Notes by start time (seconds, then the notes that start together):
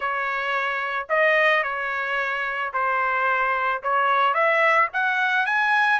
0.00 C#5
1.09 D#5
1.63 C#5
2.73 C5
3.82 C#5
4.34 E5
4.93 F#5
5.45 G#5